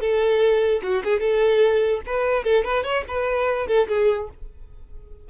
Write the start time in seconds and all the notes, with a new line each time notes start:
0.00 A4
0.83 F#4
1.04 G#4
1.20 A4
2.06 B4
2.44 A4
2.64 B4
2.84 C#5
3.08 B4
3.67 A4
3.88 G#4